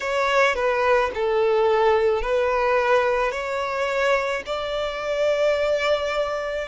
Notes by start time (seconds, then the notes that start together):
0.00 C#5
0.55 B4
1.14 A4
2.22 B4
3.31 C#5
4.45 D5